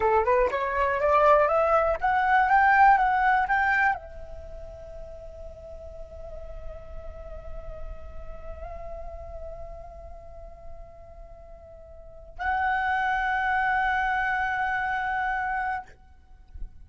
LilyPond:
\new Staff \with { instrumentName = "flute" } { \time 4/4 \tempo 4 = 121 a'8 b'8 cis''4 d''4 e''4 | fis''4 g''4 fis''4 g''4 | e''1~ | e''1~ |
e''1~ | e''1~ | e''4 fis''2.~ | fis''1 | }